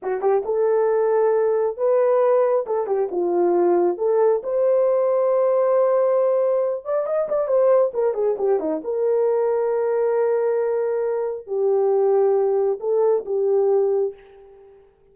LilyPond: \new Staff \with { instrumentName = "horn" } { \time 4/4 \tempo 4 = 136 fis'8 g'8 a'2. | b'2 a'8 g'8 f'4~ | f'4 a'4 c''2~ | c''2.~ c''8 d''8 |
dis''8 d''8 c''4 ais'8 gis'8 g'8 dis'8 | ais'1~ | ais'2 g'2~ | g'4 a'4 g'2 | }